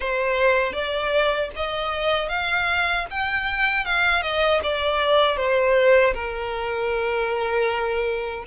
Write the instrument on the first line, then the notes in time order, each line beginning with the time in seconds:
violin
0.00 C5
0.72 D5
1.56 D#5
2.29 F5
3.10 G5
3.85 F5
4.22 D#5
4.63 D5
5.36 C5
6.14 A#4